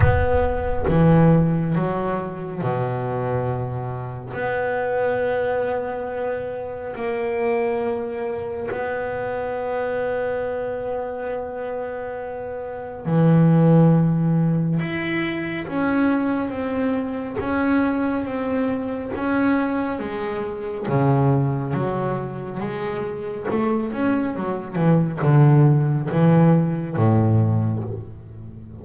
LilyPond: \new Staff \with { instrumentName = "double bass" } { \time 4/4 \tempo 4 = 69 b4 e4 fis4 b,4~ | b,4 b2. | ais2 b2~ | b2. e4~ |
e4 e'4 cis'4 c'4 | cis'4 c'4 cis'4 gis4 | cis4 fis4 gis4 a8 cis'8 | fis8 e8 d4 e4 a,4 | }